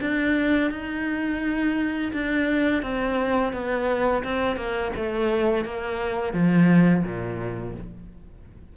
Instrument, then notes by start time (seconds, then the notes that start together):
cello
0.00 D4
0.71 D#4
2.12 D4
2.82 C4
3.52 B3
4.23 C4
4.56 A#3
4.96 A3
5.64 A#3
6.33 F3
7.04 A#2